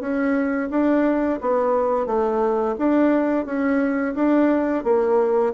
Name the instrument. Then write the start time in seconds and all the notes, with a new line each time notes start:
bassoon
0.00 C#4
0.70 D4
1.41 B3
2.06 A3
2.78 D4
3.45 C#4
4.15 D4
4.84 A#3